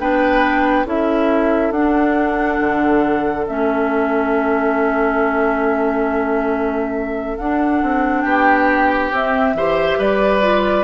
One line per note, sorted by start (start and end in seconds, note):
0.00 0.85 B3
0.00 0.86 D4
0.00 0.87 B4
0.00 0.87 G5
0.85 1.71 C#4
0.85 1.73 E4
0.85 8.24 A4
0.85 1.72 E5
1.71 2.58 D4
1.71 3.48 D4
1.71 3.46 F#5
2.60 3.47 D3
3.47 7.39 A3
3.47 7.39 C#4
3.47 7.38 E5
7.38 7.82 D4
7.38 9.13 D4
7.38 8.22 F#5
7.82 8.24 C4
8.22 9.11 B3
8.22 9.54 G4
8.22 9.09 G5
9.11 9.54 C4
9.11 9.56 C4
9.11 10.01 E5
9.54 9.98 E3
9.54 10.42 G4
9.54 9.98 C5
9.98 10.84 G3
9.98 10.84 B4
9.98 10.84 D5
10.42 10.84 F4